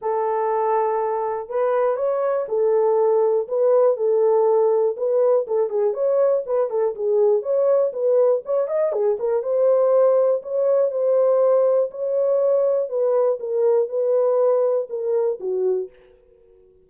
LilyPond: \new Staff \with { instrumentName = "horn" } { \time 4/4 \tempo 4 = 121 a'2. b'4 | cis''4 a'2 b'4 | a'2 b'4 a'8 gis'8 | cis''4 b'8 a'8 gis'4 cis''4 |
b'4 cis''8 dis''8 gis'8 ais'8 c''4~ | c''4 cis''4 c''2 | cis''2 b'4 ais'4 | b'2 ais'4 fis'4 | }